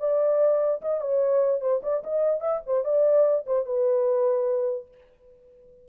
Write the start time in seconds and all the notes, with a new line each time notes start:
0.00 D5
0.82 D#5
1.01 C#5
1.61 C5
1.83 D5
2.04 D#5
2.41 E5
2.67 C5
2.85 D5
3.47 C5
3.66 B4